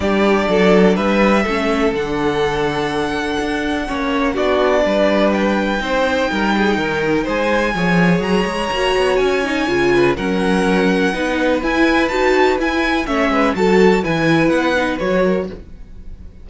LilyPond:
<<
  \new Staff \with { instrumentName = "violin" } { \time 4/4 \tempo 4 = 124 d''2 e''2 | fis''1~ | fis''4 d''2 g''4~ | g''2. gis''4~ |
gis''4 ais''2 gis''4~ | gis''4 fis''2. | gis''4 a''4 gis''4 e''4 | a''4 gis''4 fis''4 cis''4 | }
  \new Staff \with { instrumentName = "violin" } { \time 4/4 g'4 a'4 b'4 a'4~ | a'1 | cis''4 fis'4 b'2 | c''4 ais'8 gis'8 ais'4 c''4 |
cis''1~ | cis''8 b'8 ais'2 b'4~ | b'2. cis''8 b'8 | a'4 b'2~ b'8 ais'8 | }
  \new Staff \with { instrumentName = "viola" } { \time 4/4 d'2. cis'4 | d'1 | cis'4 d'2. | dis'1 |
gis'2 fis'4. dis'8 | f'4 cis'2 dis'4 | e'4 fis'4 e'4 cis'4 | fis'4 e'4. dis'8 fis'4 | }
  \new Staff \with { instrumentName = "cello" } { \time 4/4 g4 fis4 g4 a4 | d2. d'4 | ais4 b4 g2 | c'4 g4 dis4 gis4 |
f4 fis8 gis8 ais8 b8 cis'4 | cis4 fis2 b4 | e'4 dis'4 e'4 a8 gis8 | fis4 e4 b4 fis4 | }
>>